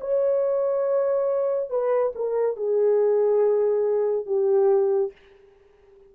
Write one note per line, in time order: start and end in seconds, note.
0.00 1.70 C#5
1.70 2.13 B4
2.15 2.56 A#4
2.56 4.26 G#4
4.26 5.12 G4